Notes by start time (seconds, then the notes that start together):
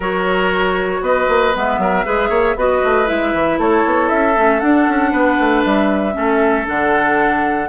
0.00 F#3 F#4 A#4 C#5
1.01 B3 B4 D#5
1.28 A#3
1.54 G#3 B3 E5
1.78 F#3 A#4
2.05 G#3 G#4 B4
2.29 A#3 C#5
2.55 B3 F#4 B4 D#5
2.83 A3
3.05 G#3 E4 E5
3.33 E3
3.58 A3 A4 C#5
3.85 B3
4.08 C#4 E5
4.35 A3 C#4
4.59 D4 F#5
4.88 C#4
5.11 B3 B4
5.39 A3
5.64 G3 E5
6.12 A3 C#4 A4
6.66 D3 D4 F#5